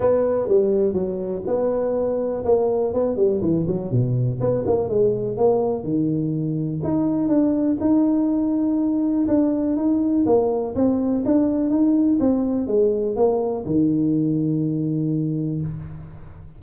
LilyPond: \new Staff \with { instrumentName = "tuba" } { \time 4/4 \tempo 4 = 123 b4 g4 fis4 b4~ | b4 ais4 b8 g8 e8 fis8 | b,4 b8 ais8 gis4 ais4 | dis2 dis'4 d'4 |
dis'2. d'4 | dis'4 ais4 c'4 d'4 | dis'4 c'4 gis4 ais4 | dis1 | }